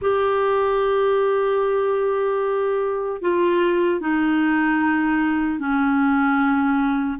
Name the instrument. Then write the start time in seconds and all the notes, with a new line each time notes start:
clarinet
0.01 G4
3.21 F4
4.00 D#4
5.59 C#4